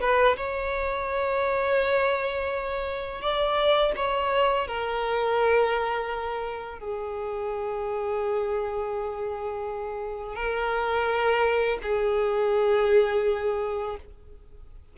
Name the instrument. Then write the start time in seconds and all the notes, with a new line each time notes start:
violin
0.00 B4
0.36 C#5
3.21 D5
3.96 C#5
4.67 A#4
6.79 G#4
10.35 A#4
11.82 G#4